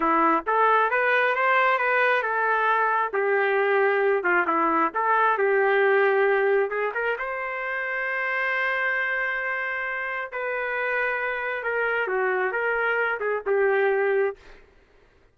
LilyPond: \new Staff \with { instrumentName = "trumpet" } { \time 4/4 \tempo 4 = 134 e'4 a'4 b'4 c''4 | b'4 a'2 g'4~ | g'4. f'8 e'4 a'4 | g'2. gis'8 ais'8 |
c''1~ | c''2. b'4~ | b'2 ais'4 fis'4 | ais'4. gis'8 g'2 | }